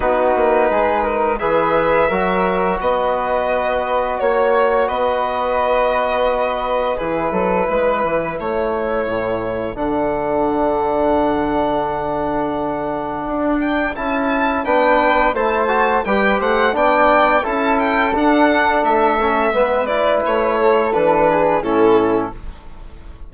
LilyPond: <<
  \new Staff \with { instrumentName = "violin" } { \time 4/4 \tempo 4 = 86 b'2 e''2 | dis''2 cis''4 dis''4~ | dis''2 b'2 | cis''2 fis''2~ |
fis''2.~ fis''8 g''8 | a''4 g''4 a''4 g''8 fis''8 | g''4 a''8 g''8 fis''4 e''4~ | e''8 d''8 cis''4 b'4 a'4 | }
  \new Staff \with { instrumentName = "flute" } { \time 4/4 fis'4 gis'8 ais'8 b'4 ais'4 | b'2 cis''4 b'4~ | b'2 gis'8 a'8 b'4 | a'1~ |
a'1~ | a'4 b'4 c''4 b'8 c''8 | d''4 a'2. | b'4. a'4 gis'8 e'4 | }
  \new Staff \with { instrumentName = "trombone" } { \time 4/4 dis'2 gis'4 fis'4~ | fis'1~ | fis'2 e'2~ | e'2 d'2~ |
d'1 | e'4 d'4 e'8 fis'8 g'4 | d'4 e'4 d'4. cis'8 | b8 e'4. d'4 cis'4 | }
  \new Staff \with { instrumentName = "bassoon" } { \time 4/4 b8 ais8 gis4 e4 fis4 | b2 ais4 b4~ | b2 e8 fis8 gis8 e8 | a4 a,4 d2~ |
d2. d'4 | cis'4 b4 a4 g8 a8 | b4 cis'4 d'4 a4 | gis4 a4 e4 a,4 | }
>>